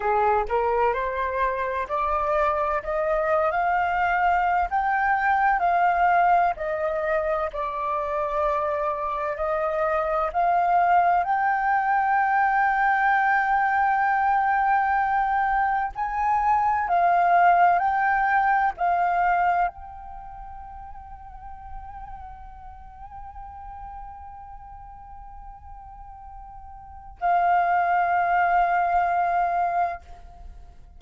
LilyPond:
\new Staff \with { instrumentName = "flute" } { \time 4/4 \tempo 4 = 64 gis'8 ais'8 c''4 d''4 dis''8. f''16~ | f''4 g''4 f''4 dis''4 | d''2 dis''4 f''4 | g''1~ |
g''4 gis''4 f''4 g''4 | f''4 g''2.~ | g''1~ | g''4 f''2. | }